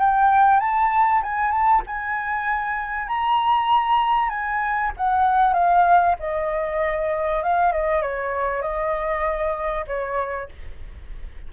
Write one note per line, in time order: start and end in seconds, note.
0.00 0.60 G5
0.60 1.22 A5
1.23 1.52 G#5
1.52 1.82 A5
1.87 3.08 G#5
3.08 4.30 A#5
4.30 4.92 G#5
4.98 5.54 F#5
5.54 6.16 F5
6.20 7.43 D#5
7.43 7.73 F5
7.73 8.02 D#5
8.02 8.62 C#5
8.62 9.86 D#5
9.88 10.50 C#5